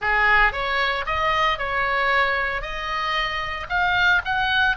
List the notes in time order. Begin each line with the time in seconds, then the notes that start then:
0.01 G#4
0.52 C#5
1.06 D#5
1.58 C#5
2.61 D#5
3.69 F5
4.24 F#5